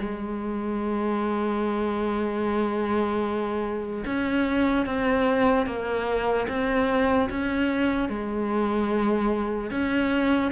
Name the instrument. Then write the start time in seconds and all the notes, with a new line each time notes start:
cello
0.00 G#3
4.06 C#4
4.86 C4
5.66 A#3
6.49 C4
7.30 C#4
8.10 G#3
9.71 C#4